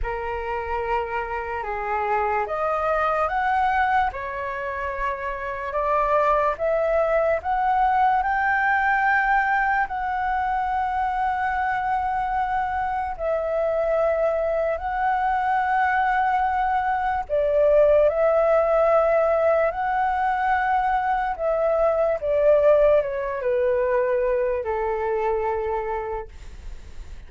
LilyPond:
\new Staff \with { instrumentName = "flute" } { \time 4/4 \tempo 4 = 73 ais'2 gis'4 dis''4 | fis''4 cis''2 d''4 | e''4 fis''4 g''2 | fis''1 |
e''2 fis''2~ | fis''4 d''4 e''2 | fis''2 e''4 d''4 | cis''8 b'4. a'2 | }